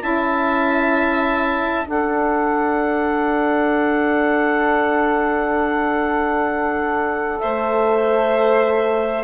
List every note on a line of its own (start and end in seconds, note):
0.00 1.86 C#4
0.00 1.85 E4
0.00 1.87 E5
0.00 1.87 A5
1.86 7.40 D4
1.86 9.24 A4
1.86 7.41 D5
1.86 7.40 F#5
7.40 9.24 A3
7.40 9.24 C5
7.40 9.24 E5